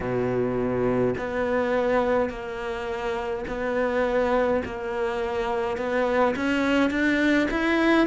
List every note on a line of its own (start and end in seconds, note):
0.00 1.14 B2
1.17 2.29 B3
2.29 3.45 A#3
3.47 4.63 B3
4.65 5.77 A#3
5.77 6.35 B3
6.36 6.90 C#4
6.90 7.47 D4
7.51 8.07 E4